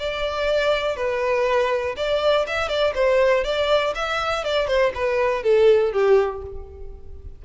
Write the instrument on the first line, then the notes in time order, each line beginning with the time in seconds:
violin
0.00 D5
0.96 B4
1.97 D5
2.47 E5
2.69 D5
2.95 C5
3.45 D5
3.96 E5
4.44 D5
4.68 C5
4.95 B4
5.43 A4
5.93 G4